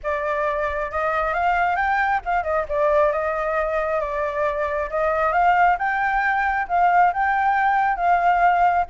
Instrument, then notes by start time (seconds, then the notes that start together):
flute
0.03 D5
0.91 D#5
1.33 F5
1.76 G5
2.25 F5
2.43 D#5
2.68 D5
3.12 D#5
4.00 D5
4.89 D#5
5.32 F5
5.78 G5
6.68 F5
7.13 G5
7.96 F5